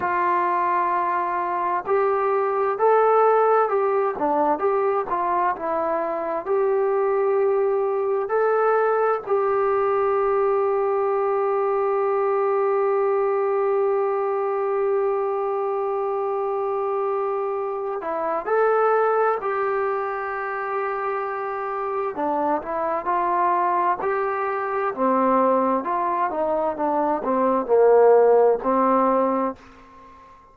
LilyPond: \new Staff \with { instrumentName = "trombone" } { \time 4/4 \tempo 4 = 65 f'2 g'4 a'4 | g'8 d'8 g'8 f'8 e'4 g'4~ | g'4 a'4 g'2~ | g'1~ |
g'2.~ g'8 e'8 | a'4 g'2. | d'8 e'8 f'4 g'4 c'4 | f'8 dis'8 d'8 c'8 ais4 c'4 | }